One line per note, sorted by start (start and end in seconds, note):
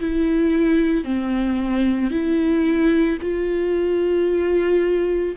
0.00 1.04 E4
1.04 2.10 C4
2.10 3.18 E4
3.21 5.36 F4